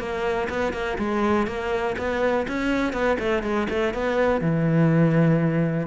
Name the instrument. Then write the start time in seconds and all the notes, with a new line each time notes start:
cello
0.00 A#3
0.50 B3
0.74 A#3
0.99 G#3
1.47 A#3
1.98 B3
2.48 C#4
2.93 B3
3.20 A3
3.43 G#3
3.70 A3
3.94 B3
4.41 E3